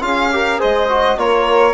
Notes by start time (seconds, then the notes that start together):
0.00 C#4 F4 G#4 F5
0.32 G4 A#4
0.59 G#3 G#4 C5 D#5
0.89 F#4
1.17 A#3 F4 A#4 C#5